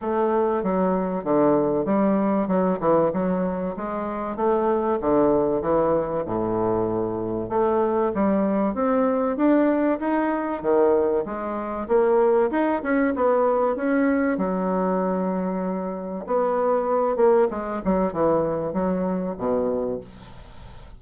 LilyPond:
\new Staff \with { instrumentName = "bassoon" } { \time 4/4 \tempo 4 = 96 a4 fis4 d4 g4 | fis8 e8 fis4 gis4 a4 | d4 e4 a,2 | a4 g4 c'4 d'4 |
dis'4 dis4 gis4 ais4 | dis'8 cis'8 b4 cis'4 fis4~ | fis2 b4. ais8 | gis8 fis8 e4 fis4 b,4 | }